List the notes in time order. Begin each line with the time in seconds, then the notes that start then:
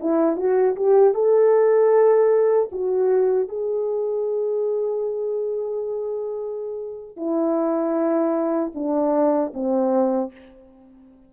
0.00 E4
0.36 F#4
0.76 G4
1.14 A4
2.72 F#4
3.49 G#4
7.17 E4
8.75 D4
9.54 C4